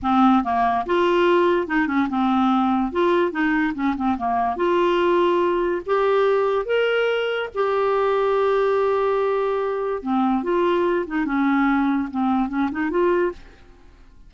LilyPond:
\new Staff \with { instrumentName = "clarinet" } { \time 4/4 \tempo 4 = 144 c'4 ais4 f'2 | dis'8 cis'8 c'2 f'4 | dis'4 cis'8 c'8 ais4 f'4~ | f'2 g'2 |
ais'2 g'2~ | g'1 | c'4 f'4. dis'8 cis'4~ | cis'4 c'4 cis'8 dis'8 f'4 | }